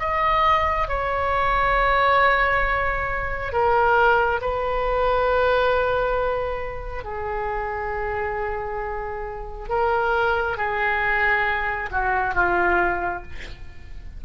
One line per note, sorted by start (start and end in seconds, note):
0.00 0.88 D#5
0.88 3.53 C#5
3.53 4.41 A#4
4.42 7.04 B4
7.04 9.69 G#4
9.69 10.57 A#4
10.58 11.90 G#4
11.92 12.35 F#4
12.35 13.23 F4